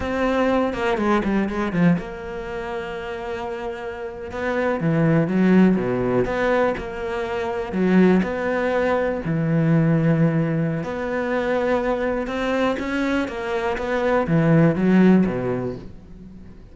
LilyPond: \new Staff \with { instrumentName = "cello" } { \time 4/4 \tempo 4 = 122 c'4. ais8 gis8 g8 gis8 f8 | ais1~ | ais8. b4 e4 fis4 b,16~ | b,8. b4 ais2 fis16~ |
fis8. b2 e4~ e16~ | e2 b2~ | b4 c'4 cis'4 ais4 | b4 e4 fis4 b,4 | }